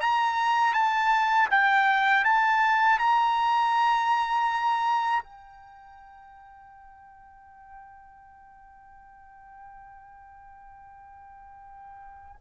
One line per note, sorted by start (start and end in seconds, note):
0.00 0.73 A#5
0.73 1.48 A5
1.50 2.24 G5
2.24 2.99 A5
2.99 5.23 A#5
5.23 12.35 G5